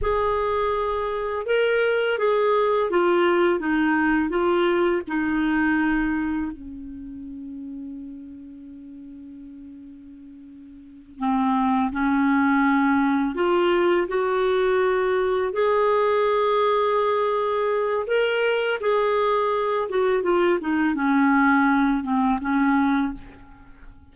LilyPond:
\new Staff \with { instrumentName = "clarinet" } { \time 4/4 \tempo 4 = 83 gis'2 ais'4 gis'4 | f'4 dis'4 f'4 dis'4~ | dis'4 cis'2.~ | cis'2.~ cis'8 c'8~ |
c'8 cis'2 f'4 fis'8~ | fis'4. gis'2~ gis'8~ | gis'4 ais'4 gis'4. fis'8 | f'8 dis'8 cis'4. c'8 cis'4 | }